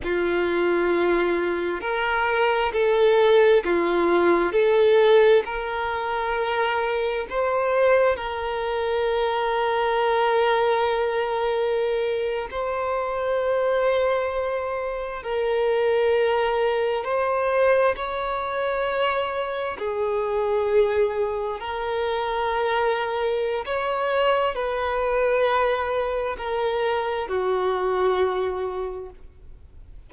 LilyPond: \new Staff \with { instrumentName = "violin" } { \time 4/4 \tempo 4 = 66 f'2 ais'4 a'4 | f'4 a'4 ais'2 | c''4 ais'2.~ | ais'4.~ ais'16 c''2~ c''16~ |
c''8. ais'2 c''4 cis''16~ | cis''4.~ cis''16 gis'2 ais'16~ | ais'2 cis''4 b'4~ | b'4 ais'4 fis'2 | }